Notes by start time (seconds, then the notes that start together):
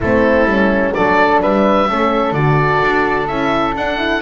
0.00 A3 C4 E4 A4
0.44 G3 C#4
0.93 F#3 D4 A4 D5
1.41 G3 B4 E5
1.87 A3 C#4 A4
2.32 D3 F#4 D5
2.82 D4
3.27 C#4 E4 E5
3.74 D4 F#5
3.97 E4